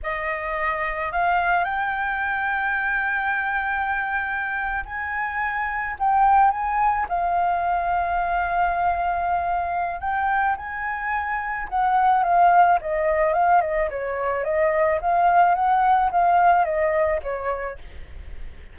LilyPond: \new Staff \with { instrumentName = "flute" } { \time 4/4 \tempo 4 = 108 dis''2 f''4 g''4~ | g''1~ | g''8. gis''2 g''4 gis''16~ | gis''8. f''2.~ f''16~ |
f''2 g''4 gis''4~ | gis''4 fis''4 f''4 dis''4 | f''8 dis''8 cis''4 dis''4 f''4 | fis''4 f''4 dis''4 cis''4 | }